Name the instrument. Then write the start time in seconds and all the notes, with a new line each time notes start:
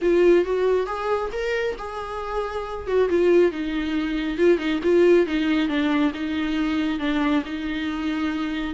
viola
0.01 F4
0.44 F#4
0.86 G#4
1.32 A#4
1.77 G#4
2.87 F#4
3.09 F4
3.51 D#4
4.37 F4
4.58 D#4
4.83 F4
5.26 D#4
5.68 D4
6.14 D#4
6.99 D4
7.45 D#4